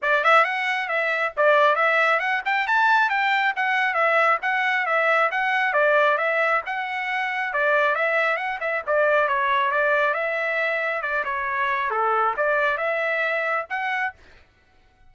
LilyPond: \new Staff \with { instrumentName = "trumpet" } { \time 4/4 \tempo 4 = 136 d''8 e''8 fis''4 e''4 d''4 | e''4 fis''8 g''8 a''4 g''4 | fis''4 e''4 fis''4 e''4 | fis''4 d''4 e''4 fis''4~ |
fis''4 d''4 e''4 fis''8 e''8 | d''4 cis''4 d''4 e''4~ | e''4 d''8 cis''4. a'4 | d''4 e''2 fis''4 | }